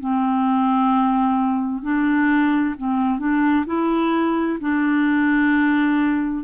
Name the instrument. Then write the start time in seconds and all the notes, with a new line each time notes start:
clarinet
0.00 C4
1.83 D4
2.78 C4
3.19 D4
3.66 E4
4.60 D4